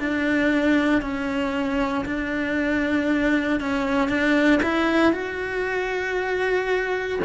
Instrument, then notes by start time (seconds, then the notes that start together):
cello
0.00 D4
1.02 C#4
2.06 D4
3.60 C#4
4.09 D4
4.63 E4
5.13 F#4